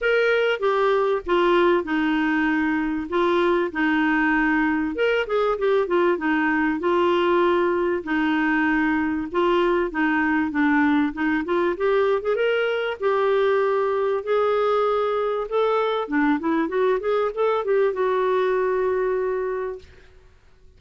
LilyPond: \new Staff \with { instrumentName = "clarinet" } { \time 4/4 \tempo 4 = 97 ais'4 g'4 f'4 dis'4~ | dis'4 f'4 dis'2 | ais'8 gis'8 g'8 f'8 dis'4 f'4~ | f'4 dis'2 f'4 |
dis'4 d'4 dis'8 f'8 g'8. gis'16 | ais'4 g'2 gis'4~ | gis'4 a'4 d'8 e'8 fis'8 gis'8 | a'8 g'8 fis'2. | }